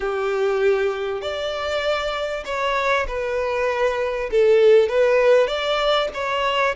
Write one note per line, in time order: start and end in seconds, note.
0.00 1.21 G4
1.21 2.44 D5
2.45 3.06 C#5
3.07 4.30 B4
4.30 4.88 A4
4.88 5.47 B4
5.47 6.08 D5
6.14 6.75 C#5